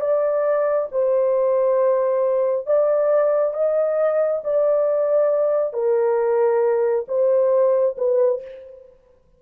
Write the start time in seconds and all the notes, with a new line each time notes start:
0.00 D5
0.91 C5
2.66 D5
3.53 D#5
4.44 D5
5.73 A#4
7.08 C5
7.97 B4